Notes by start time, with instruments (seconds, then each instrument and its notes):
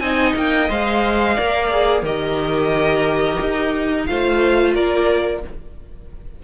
0.00 cello C4, viola D#4, violin D#5 G#5
0.36 cello A#3, violin G5
0.69 cello G#3, viola C5, violin F5
1.36 cello A#3, viola A#4, violin D5
1.71 viola G#4
2.03 cello D#3, viola G4, violin A#4 D#5
3.42 cello D#4
4.06 cello A3, viola F4, violin C5 F5
4.74 cello A#3, violin A#4 D5